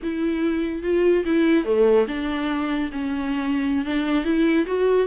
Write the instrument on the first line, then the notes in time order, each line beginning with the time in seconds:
viola
0.02 E4
0.83 F4
1.25 E4
1.65 A3
2.07 D4
2.92 C#4
3.85 D4
4.24 E4
4.66 F#4